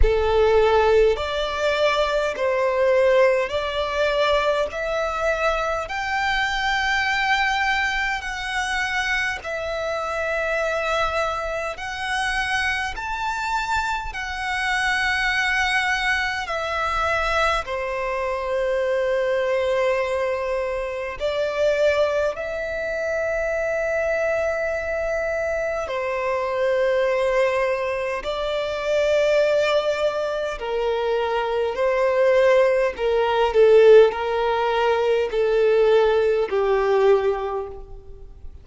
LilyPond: \new Staff \with { instrumentName = "violin" } { \time 4/4 \tempo 4 = 51 a'4 d''4 c''4 d''4 | e''4 g''2 fis''4 | e''2 fis''4 a''4 | fis''2 e''4 c''4~ |
c''2 d''4 e''4~ | e''2 c''2 | d''2 ais'4 c''4 | ais'8 a'8 ais'4 a'4 g'4 | }